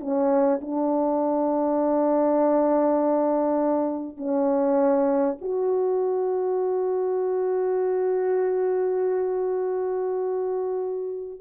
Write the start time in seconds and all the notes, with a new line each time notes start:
0.00 C#4
0.62 D4
4.17 C#4
5.42 F#4